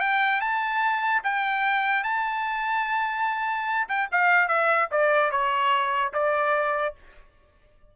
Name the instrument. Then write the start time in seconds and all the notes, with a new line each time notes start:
trumpet
0.00 G5
0.41 A5
1.24 G5
2.04 A5
3.88 G5
4.11 F5
4.48 E5
4.91 D5
5.31 C#5
6.13 D5